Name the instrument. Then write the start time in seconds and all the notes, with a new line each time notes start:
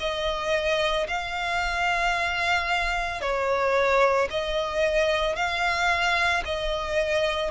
violin
0.00 D#5
1.08 F5
3.21 C#5
4.30 D#5
5.36 F5
6.45 D#5